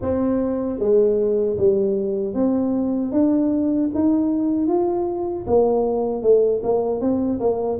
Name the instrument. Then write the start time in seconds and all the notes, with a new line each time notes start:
tuba
0.01 C4
0.79 G#3
1.57 G3
2.34 C4
3.12 D4
3.94 D#4
4.67 F4
5.47 A#3
6.22 A3
6.63 A#3
7.00 C4
7.40 A#3